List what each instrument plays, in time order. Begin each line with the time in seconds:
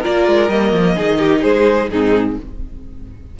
0.00 viola F4, violin A#4 D5
0.08 cello A#3
0.28 cello G#3
0.50 cello G3, viola A#3, violin D#5
0.73 cello F3
0.97 cello D#3, viola D#4, violin G#4
1.20 violin G4
1.42 cello G#3, violin G#4 C5
1.91 cello G#2, viola C4, violin D#4 G#4